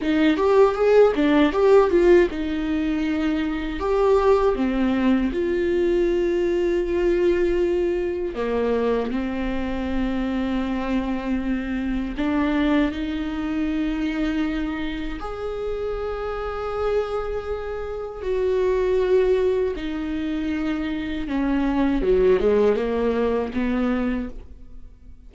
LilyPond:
\new Staff \with { instrumentName = "viola" } { \time 4/4 \tempo 4 = 79 dis'8 g'8 gis'8 d'8 g'8 f'8 dis'4~ | dis'4 g'4 c'4 f'4~ | f'2. ais4 | c'1 |
d'4 dis'2. | gis'1 | fis'2 dis'2 | cis'4 fis8 gis8 ais4 b4 | }